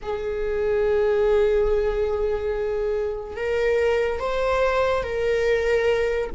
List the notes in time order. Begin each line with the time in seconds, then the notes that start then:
0.02 G#4
3.36 A#4
4.19 C5
5.03 A#4